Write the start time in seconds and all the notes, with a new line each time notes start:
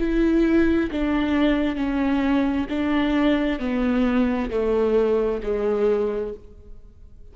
0.00 E4
0.92 D4
1.76 C#4
2.69 D4
3.60 B3
4.51 A3
5.43 G#3